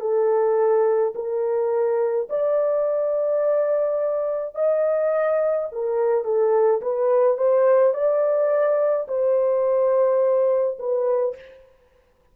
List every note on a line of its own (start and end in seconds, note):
0.00 1.13 A4
1.15 2.28 A#4
2.29 4.54 D5
4.54 5.68 D#5
5.71 6.24 A#4
6.24 6.81 A4
6.81 7.37 B4
7.37 7.93 C5
7.93 9.07 D5
9.07 10.77 C5
10.79 11.35 B4